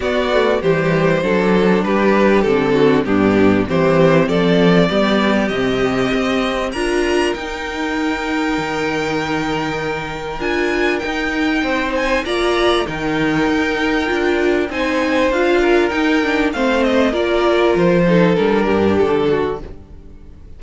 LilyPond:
<<
  \new Staff \with { instrumentName = "violin" } { \time 4/4 \tempo 4 = 98 d''4 c''2 b'4 | a'4 g'4 c''4 d''4~ | d''4 dis''2 ais''4 | g''1~ |
g''4 gis''4 g''4. gis''8 | ais''4 g''2. | gis''4 f''4 g''4 f''8 dis''8 | d''4 c''4 ais'4 a'4 | }
  \new Staff \with { instrumentName = "violin" } { \time 4/4 fis'4 g'4 a'4 g'4~ | g'8 fis'8 d'4 g'4 a'4 | g'2. ais'4~ | ais'1~ |
ais'2. c''4 | d''4 ais'2. | c''4. ais'4. c''4 | ais'4. a'4 g'4 fis'8 | }
  \new Staff \with { instrumentName = "viola" } { \time 4/4 b8 a8 g4 d'2 | c'4 b4 c'2 | b4 c'2 f'4 | dis'1~ |
dis'4 f'4 dis'2 | f'4 dis'2 f'4 | dis'4 f'4 dis'8 d'8 c'4 | f'4. dis'8 d'2 | }
  \new Staff \with { instrumentName = "cello" } { \time 4/4 b4 e4 fis4 g4 | d4 g,4 e4 f4 | g4 c4 c'4 d'4 | dis'2 dis2~ |
dis4 d'4 dis'4 c'4 | ais4 dis4 dis'4 d'4 | c'4 d'4 dis'4 a4 | ais4 f4 g8 g,8 d4 | }
>>